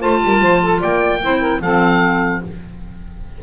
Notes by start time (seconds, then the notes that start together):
0.00 A3 F4 C5 A5
0.25 G3 A#4
0.42 F3 C5
0.63 A4
0.80 A#3 D5 G5
1.23 C4 E4 C5
1.40 A#4
1.62 F3 C4 A4 F5